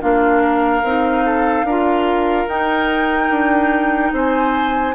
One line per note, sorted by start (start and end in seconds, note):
0.00 0.83 A#3
0.00 0.82 D4
0.00 0.42 F4
0.00 2.48 F5
0.42 1.24 A#4
0.83 1.63 C4
0.83 1.68 D#4
1.25 1.66 A4
1.63 2.45 D4
1.63 2.48 F4
1.63 4.12 A#4
2.48 3.30 D#4
2.48 4.94 D#4
2.48 4.13 G5
3.30 4.12 D4
4.12 4.95 C4
4.12 4.95 C5
4.12 4.95 G#5